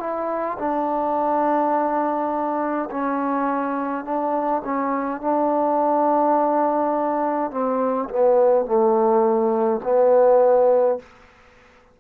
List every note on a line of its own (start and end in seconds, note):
0.00 0.58 E4
0.59 2.90 D4
2.91 4.05 C#4
4.05 4.63 D4
4.65 5.21 C#4
5.21 7.52 D4
7.52 8.09 C4
8.10 8.66 B3
8.66 9.81 A3
9.84 10.99 B3